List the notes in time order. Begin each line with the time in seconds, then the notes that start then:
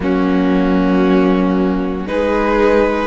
0.00 F#3 A#3 C#4 F#4
2.06 G#3 D#4 G#4 B4